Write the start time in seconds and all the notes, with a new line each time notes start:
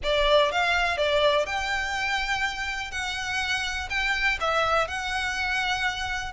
0.03 D5
0.51 F5
0.97 D5
1.45 G5
2.91 F#5
3.89 G5
4.40 E5
4.87 F#5